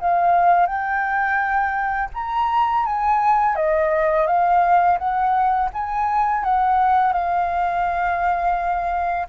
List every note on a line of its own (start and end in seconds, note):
0.00 0.67 F5
0.67 2.09 G5
2.14 2.86 A#5
2.86 3.56 G#5
3.56 4.27 D#5
4.27 4.98 F5
4.98 5.70 F#5
5.73 6.44 G#5
6.44 7.13 F#5
7.13 9.27 F5